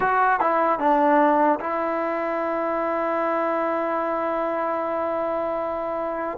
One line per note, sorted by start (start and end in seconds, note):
0.00 0.40 F#4
0.40 0.79 E4
0.79 1.59 D4
1.60 6.38 E4